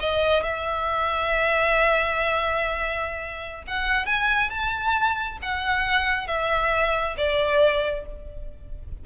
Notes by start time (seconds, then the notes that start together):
0.00 D#5
0.44 E5
3.68 F#5
4.06 G#5
4.50 A5
5.42 F#5
6.27 E5
7.18 D5